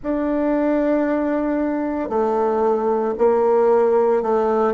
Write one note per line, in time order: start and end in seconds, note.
0.02 2.09 D4
2.09 3.14 A3
3.18 4.22 A#3
4.22 4.73 A3